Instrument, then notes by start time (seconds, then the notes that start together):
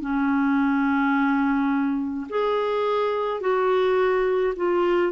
clarinet
0.00 C#4
2.29 G#4
3.40 F#4
4.56 F4